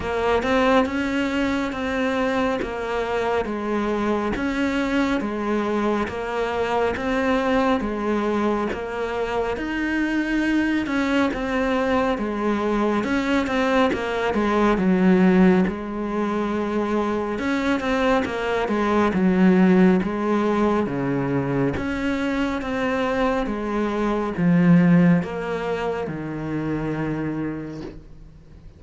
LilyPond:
\new Staff \with { instrumentName = "cello" } { \time 4/4 \tempo 4 = 69 ais8 c'8 cis'4 c'4 ais4 | gis4 cis'4 gis4 ais4 | c'4 gis4 ais4 dis'4~ | dis'8 cis'8 c'4 gis4 cis'8 c'8 |
ais8 gis8 fis4 gis2 | cis'8 c'8 ais8 gis8 fis4 gis4 | cis4 cis'4 c'4 gis4 | f4 ais4 dis2 | }